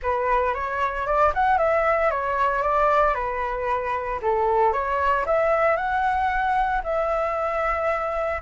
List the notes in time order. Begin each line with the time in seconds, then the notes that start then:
0.02 B4
0.54 C#5
1.06 D5
1.34 F#5
1.58 E5
2.11 C#5
2.62 D5
3.14 B4
4.22 A4
4.72 C#5
5.26 E5
5.76 F#5
6.83 E5